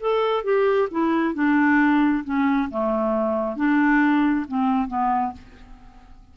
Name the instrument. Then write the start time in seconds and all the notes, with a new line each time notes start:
clarinet
0.00 A4
0.44 G4
0.91 E4
1.34 D4
2.24 C#4
2.70 A3
3.56 D4
4.48 C4
4.88 B3